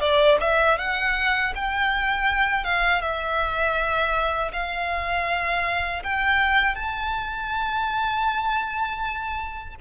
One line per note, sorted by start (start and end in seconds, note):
0.00 0.38 D5
0.40 0.78 E5
0.78 1.53 F#5
1.55 2.64 G5
2.64 3.01 F5
3.01 4.51 E5
4.52 6.02 F5
6.03 6.75 G5
6.75 9.75 A5